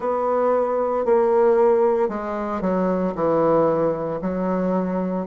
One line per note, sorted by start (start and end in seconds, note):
0.00 1.05 B3
1.05 2.09 A#3
2.09 2.61 G#3
2.61 3.13 F#3
3.15 4.20 E3
4.21 5.26 F#3